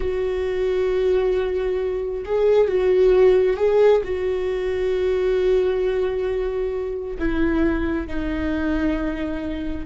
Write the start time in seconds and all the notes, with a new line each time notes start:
0.00 F#4
2.25 G#4
2.67 F#4
3.56 G#4
4.04 F#4
7.18 E4
8.07 D#4